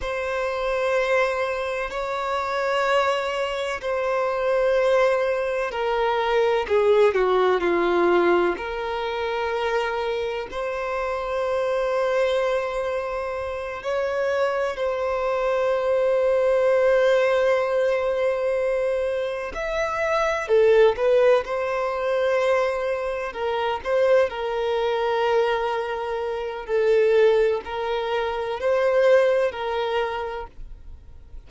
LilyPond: \new Staff \with { instrumentName = "violin" } { \time 4/4 \tempo 4 = 63 c''2 cis''2 | c''2 ais'4 gis'8 fis'8 | f'4 ais'2 c''4~ | c''2~ c''8 cis''4 c''8~ |
c''1~ | c''8 e''4 a'8 b'8 c''4.~ | c''8 ais'8 c''8 ais'2~ ais'8 | a'4 ais'4 c''4 ais'4 | }